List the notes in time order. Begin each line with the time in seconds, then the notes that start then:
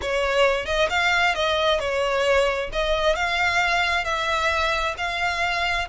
0.01 C#5
0.65 D#5
0.89 F5
1.34 D#5
1.79 C#5
2.72 D#5
3.15 F5
4.04 E5
4.97 F5